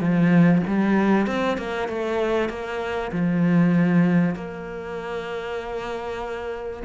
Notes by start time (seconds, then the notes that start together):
0.00 F3
0.67 G3
1.27 C4
1.57 A#3
1.88 A3
2.49 A#3
3.12 F3
4.35 A#3